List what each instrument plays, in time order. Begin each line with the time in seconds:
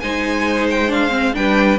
0.00 cello G#3, viola D#4, violin C5 G#5
0.70 violin G5
0.89 viola D4, violin F5
1.10 viola C4
1.34 cello G3, viola D4, violin B4 G5